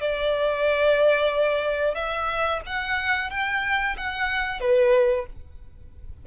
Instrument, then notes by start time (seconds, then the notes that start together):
violin
0.00 D5
1.94 E5
2.66 F#5
3.30 G5
3.97 F#5
4.60 B4